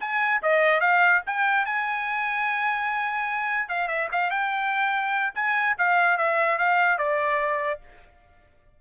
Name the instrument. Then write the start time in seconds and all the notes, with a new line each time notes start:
trumpet
0.00 G#5
0.42 D#5
0.81 F5
1.26 G5
1.66 G#5
3.69 F5
3.88 E5
4.12 F5
4.31 G5
5.35 G#5
5.78 F5
6.18 E5
6.58 F5
6.98 D5